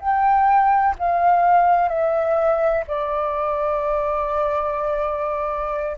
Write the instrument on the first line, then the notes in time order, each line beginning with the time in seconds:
flute
0.00 G5
0.99 F5
1.89 E5
2.88 D5